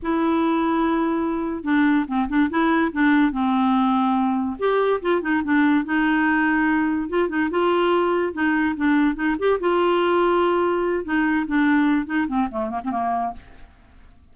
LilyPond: \new Staff \with { instrumentName = "clarinet" } { \time 4/4 \tempo 4 = 144 e'1 | d'4 c'8 d'8 e'4 d'4 | c'2. g'4 | f'8 dis'8 d'4 dis'2~ |
dis'4 f'8 dis'8 f'2 | dis'4 d'4 dis'8 g'8 f'4~ | f'2~ f'8 dis'4 d'8~ | d'4 dis'8 c'8 a8 ais16 c'16 ais4 | }